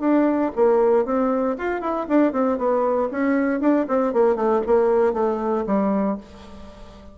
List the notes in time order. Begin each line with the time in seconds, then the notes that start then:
0.00 D4
0.56 A#3
1.05 C4
1.58 F4
1.81 E4
2.08 D4
2.32 C4
2.58 B3
3.11 C#4
3.61 D4
3.88 C4
4.13 A#3
4.36 A3
4.66 A#3
5.14 A3
5.66 G3